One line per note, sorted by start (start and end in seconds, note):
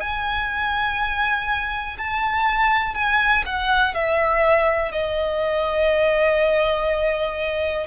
0.00 1.97 G#5
1.97 2.94 A5
2.94 3.43 G#5
3.46 3.94 F#5
3.94 4.92 E5
4.92 7.87 D#5